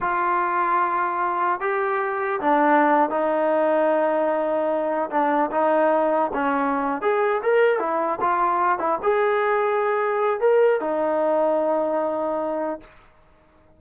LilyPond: \new Staff \with { instrumentName = "trombone" } { \time 4/4 \tempo 4 = 150 f'1 | g'2 d'4.~ d'16 dis'16~ | dis'1~ | dis'8. d'4 dis'2 cis'16~ |
cis'4. gis'4 ais'4 e'8~ | e'8 f'4. e'8 gis'4.~ | gis'2 ais'4 dis'4~ | dis'1 | }